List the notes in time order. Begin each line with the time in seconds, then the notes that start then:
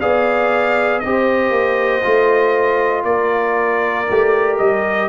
0.00 B3 G#4 D5 F5
1.00 C4 G4 C5 D#5
1.51 A#3
2.03 A3 F4
3.04 A#3 A#4 D5
4.10 A3 G4
4.58 G3 D#5